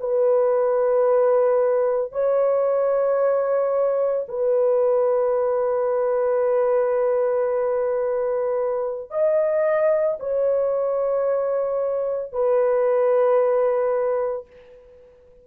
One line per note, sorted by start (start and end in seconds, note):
0.00 2.12 B4
2.12 4.26 C#5
4.28 9.10 B4
9.11 10.18 D#5
10.20 12.33 C#5
12.33 14.47 B4